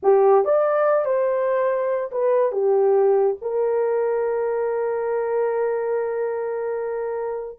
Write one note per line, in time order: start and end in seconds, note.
0.02 0.44 G4
0.44 1.05 D5
1.05 2.10 C5
2.11 2.52 B4
2.52 3.36 G4
3.41 7.59 A#4